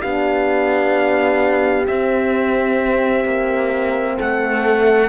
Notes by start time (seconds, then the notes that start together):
0.00 B3 D4 G4 F5
1.87 C4 E5
3.25 A#3
4.16 A3 A4 F#5